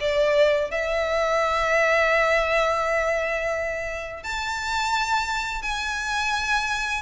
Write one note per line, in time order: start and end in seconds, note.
0.00 0.71 D5
0.71 4.23 E5
4.23 5.62 A5
5.62 7.02 G#5